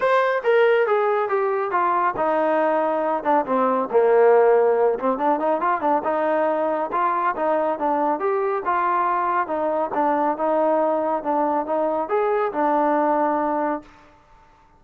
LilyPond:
\new Staff \with { instrumentName = "trombone" } { \time 4/4 \tempo 4 = 139 c''4 ais'4 gis'4 g'4 | f'4 dis'2~ dis'8 d'8 | c'4 ais2~ ais8 c'8 | d'8 dis'8 f'8 d'8 dis'2 |
f'4 dis'4 d'4 g'4 | f'2 dis'4 d'4 | dis'2 d'4 dis'4 | gis'4 d'2. | }